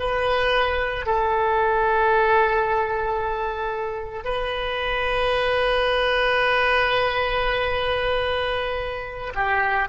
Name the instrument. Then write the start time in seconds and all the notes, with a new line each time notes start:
oboe
0.00 B4
1.07 A4
4.25 B4
9.35 G4